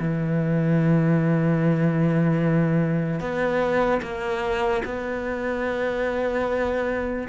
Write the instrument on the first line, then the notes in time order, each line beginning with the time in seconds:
cello
0.00 E3
3.20 B3
4.02 A#3
4.85 B3